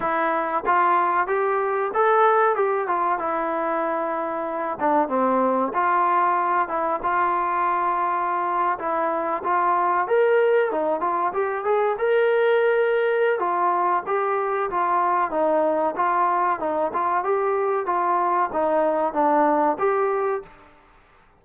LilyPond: \new Staff \with { instrumentName = "trombone" } { \time 4/4 \tempo 4 = 94 e'4 f'4 g'4 a'4 | g'8 f'8 e'2~ e'8 d'8 | c'4 f'4. e'8 f'4~ | f'4.~ f'16 e'4 f'4 ais'16~ |
ais'8. dis'8 f'8 g'8 gis'8 ais'4~ ais'16~ | ais'4 f'4 g'4 f'4 | dis'4 f'4 dis'8 f'8 g'4 | f'4 dis'4 d'4 g'4 | }